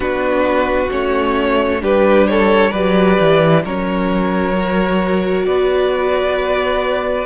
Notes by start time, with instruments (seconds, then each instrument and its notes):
0.00 cello B3, viola D4, violin F#4 B4
0.90 cello A3, viola C#4, violin C#5
1.80 cello G3, viola D4, violin G4 B4
2.27 violin A4 C#5
2.70 cello F#3, viola G4, violin B4 D5
3.19 cello E3
3.64 cello F#3, viola C#4, violin A#4 C#5
4.54 viola F#4
5.45 cello B3, violin B4 D5